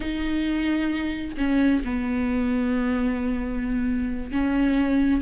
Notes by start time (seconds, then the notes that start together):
0.00 D#4
1.37 C#4
1.84 B3
4.31 C#4